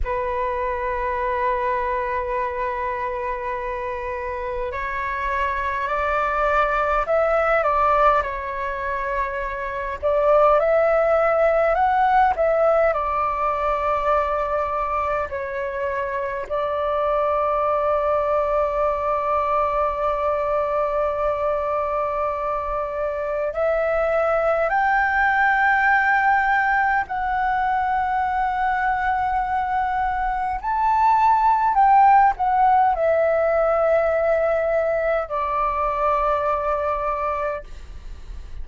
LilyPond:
\new Staff \with { instrumentName = "flute" } { \time 4/4 \tempo 4 = 51 b'1 | cis''4 d''4 e''8 d''8 cis''4~ | cis''8 d''8 e''4 fis''8 e''8 d''4~ | d''4 cis''4 d''2~ |
d''1 | e''4 g''2 fis''4~ | fis''2 a''4 g''8 fis''8 | e''2 d''2 | }